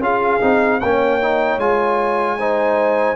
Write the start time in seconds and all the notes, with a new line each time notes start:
0.00 C#4 F4 G#4 F5
0.41 C4 D#4
0.80 A#3 C#4 C#5 G5
1.22 D#4
1.57 G#3 F4 G#5
2.38 D#4 C5